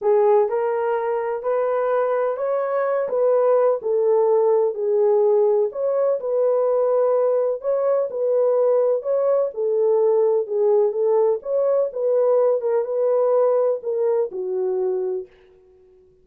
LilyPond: \new Staff \with { instrumentName = "horn" } { \time 4/4 \tempo 4 = 126 gis'4 ais'2 b'4~ | b'4 cis''4. b'4. | a'2 gis'2 | cis''4 b'2. |
cis''4 b'2 cis''4 | a'2 gis'4 a'4 | cis''4 b'4. ais'8 b'4~ | b'4 ais'4 fis'2 | }